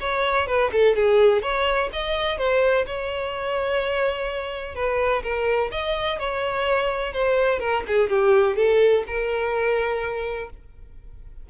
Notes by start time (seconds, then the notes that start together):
0.00 C#5
0.47 B4
0.72 A4
0.96 G#4
1.42 C#5
1.92 D#5
2.38 C5
2.86 C#5
4.75 B4
5.23 A#4
5.71 D#5
6.19 C#5
7.13 C5
7.59 A#4
7.87 G#4
8.09 G4
8.56 A4
9.07 A#4